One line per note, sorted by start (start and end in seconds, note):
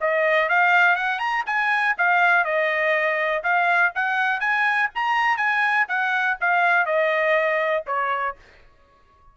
0.00 0.49 D#5
0.49 0.95 F5
0.95 1.19 F#5
1.19 1.43 A#5
1.46 1.95 G#5
1.97 2.44 F5
2.44 3.42 D#5
3.43 3.92 F5
3.95 4.40 F#5
4.40 4.89 G#5
4.94 5.37 A#5
5.37 5.86 G#5
5.88 6.37 F#5
6.40 6.85 F5
6.85 7.84 D#5
7.86 8.35 C#5